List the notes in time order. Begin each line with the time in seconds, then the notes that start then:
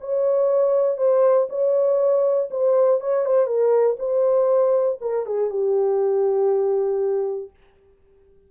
0.00 C#5
0.97 C5
1.49 C#5
2.50 C5
3.00 C#5
3.25 C5
3.46 A#4
3.99 C5
5.01 A#4
5.26 G#4
5.50 G4